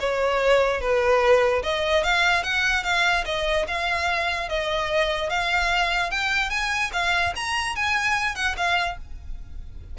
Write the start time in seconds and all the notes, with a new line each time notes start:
0.00 C#5
0.81 B4
1.63 D#5
2.03 F5
2.43 F#5
2.83 F5
3.25 D#5
3.67 F5
4.49 D#5
5.29 F5
6.11 G5
6.50 G#5
6.92 F5
7.35 A#5
7.75 G#5
8.35 F#5
8.57 F5